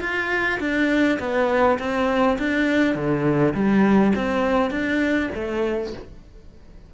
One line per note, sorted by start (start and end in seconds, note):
0.00 0.59 F4
0.60 1.18 D4
1.19 1.78 B3
1.79 2.37 C4
2.39 2.95 D4
2.95 3.53 D3
3.54 4.13 G3
4.15 4.71 C4
4.71 5.29 D4
5.34 5.93 A3